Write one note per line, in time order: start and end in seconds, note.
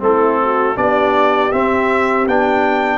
0.00 0.77 A3
0.00 0.75 C4
0.00 0.42 E4
0.00 0.78 A4
0.43 0.76 F#4
0.76 1.52 B3
0.76 1.52 D4
0.76 2.98 G4
0.76 1.52 D5
1.52 2.27 C4
1.52 2.28 C4
1.52 2.27 E5
2.27 2.98 B3
2.27 2.98 D4
2.27 2.98 G5